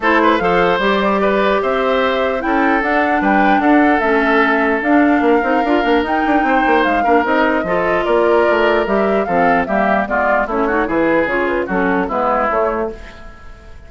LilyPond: <<
  \new Staff \with { instrumentName = "flute" } { \time 4/4 \tempo 4 = 149 c''4 f''4 d''2 | e''2 g''4 fis''4 | g''4 fis''4 e''2 | f''2. g''4~ |
g''4 f''4 dis''2 | d''2 e''4 f''4 | e''4 d''4 cis''4 b'4 | cis''8 b'8 a'4 b'4 cis''4 | }
  \new Staff \with { instrumentName = "oboe" } { \time 4/4 a'8 b'8 c''2 b'4 | c''2 a'2 | b'4 a'2.~ | a'4 ais'2. |
c''4. ais'4. a'4 | ais'2. a'4 | g'4 f'4 e'8 fis'8 gis'4~ | gis'4 fis'4 e'2 | }
  \new Staff \with { instrumentName = "clarinet" } { \time 4/4 e'4 a'4 g'2~ | g'2 e'4 d'4~ | d'2 cis'2 | d'4. dis'8 f'8 d'8 dis'4~ |
dis'4. d'8 dis'4 f'4~ | f'2 g'4 c'4 | ais4 b4 cis'8 dis'8 e'4 | f'4 cis'4 b4 a4 | }
  \new Staff \with { instrumentName = "bassoon" } { \time 4/4 a4 f4 g2 | c'2 cis'4 d'4 | g4 d'4 a2 | d'4 ais8 c'8 d'8 ais8 dis'8 d'8 |
c'8 ais8 gis8 ais8 c'4 f4 | ais4 a4 g4 f4 | g4 gis4 a4 e4 | cis4 fis4 gis4 a4 | }
>>